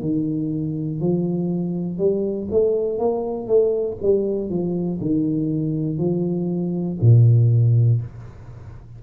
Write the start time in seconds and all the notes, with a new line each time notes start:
0.00 D#3
1.00 F3
1.97 G3
2.50 A3
2.98 A#3
3.47 A3
4.02 G3
4.49 F3
5.00 D#3
5.97 F3
7.00 A#2